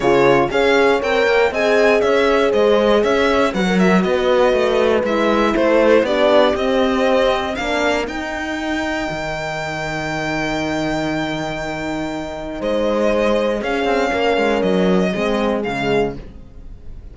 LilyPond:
<<
  \new Staff \with { instrumentName = "violin" } { \time 4/4 \tempo 4 = 119 cis''4 f''4 g''4 gis''4 | e''4 dis''4 e''4 fis''8 e''8 | dis''2 e''4 c''4 | d''4 dis''2 f''4 |
g''1~ | g''1~ | g''4 dis''2 f''4~ | f''4 dis''2 f''4 | }
  \new Staff \with { instrumentName = "horn" } { \time 4/4 gis'4 cis''2 dis''4 | cis''4 c''4 cis''4 b'16 ais'8. | b'2. a'4 | g'2. ais'4~ |
ais'1~ | ais'1~ | ais'4 c''2 gis'4 | ais'2 gis'2 | }
  \new Staff \with { instrumentName = "horn" } { \time 4/4 f'4 gis'4 ais'4 gis'4~ | gis'2. fis'4~ | fis'2 e'2 | d'4 c'2 d'4 |
dis'1~ | dis'1~ | dis'2. cis'4~ | cis'2 c'4 gis4 | }
  \new Staff \with { instrumentName = "cello" } { \time 4/4 cis4 cis'4 c'8 ais8 c'4 | cis'4 gis4 cis'4 fis4 | b4 a4 gis4 a4 | b4 c'2 ais4 |
dis'2 dis2~ | dis1~ | dis4 gis2 cis'8 c'8 | ais8 gis8 fis4 gis4 cis4 | }
>>